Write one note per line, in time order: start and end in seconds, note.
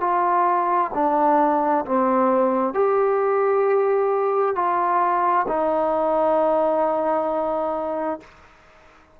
0.00 0.91 F4
0.94 1.85 D4
1.85 2.74 C4
2.74 4.55 G4
4.55 5.46 F4
5.48 8.20 D#4